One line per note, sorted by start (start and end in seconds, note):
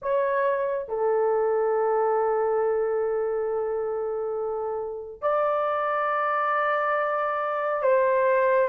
0.02 0.88 C#5
0.88 5.21 A4
5.21 7.82 D5
7.82 8.68 C5